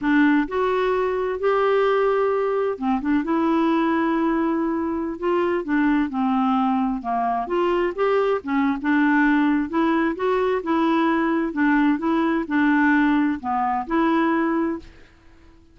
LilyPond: \new Staff \with { instrumentName = "clarinet" } { \time 4/4 \tempo 4 = 130 d'4 fis'2 g'4~ | g'2 c'8 d'8 e'4~ | e'2.~ e'16 f'8.~ | f'16 d'4 c'2 ais8.~ |
ais16 f'4 g'4 cis'8. d'4~ | d'4 e'4 fis'4 e'4~ | e'4 d'4 e'4 d'4~ | d'4 b4 e'2 | }